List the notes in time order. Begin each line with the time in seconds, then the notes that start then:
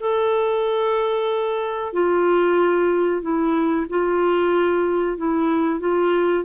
0.00 A4
1.93 F4
3.22 E4
3.89 F4
5.18 E4
5.80 F4